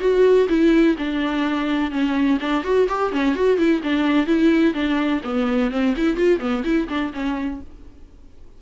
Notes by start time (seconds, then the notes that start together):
0.00 F#4
0.49 E4
0.98 D4
1.91 C#4
2.41 D4
2.64 F#4
2.89 G4
3.12 C#4
3.35 F#4
3.58 E4
3.83 D4
4.26 E4
4.74 D4
5.24 B3
5.71 C4
5.97 E4
6.17 F4
6.40 B3
6.64 E4
6.88 D4
7.13 C#4